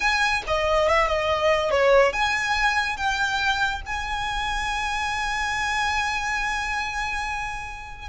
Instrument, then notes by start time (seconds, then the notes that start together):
violin
0.00 G#5
0.47 D#5
0.88 E5
1.07 D#5
1.70 C#5
2.13 G#5
2.96 G5
3.85 G#5